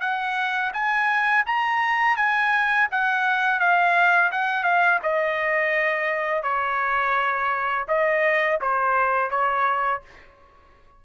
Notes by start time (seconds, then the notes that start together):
0.00 F#5
0.73 G#5
1.46 A#5
2.16 G#5
2.91 F#5
3.59 F5
4.31 F#5
4.63 F5
5.03 D#5
6.43 C#5
7.88 D#5
8.61 C5
9.30 C#5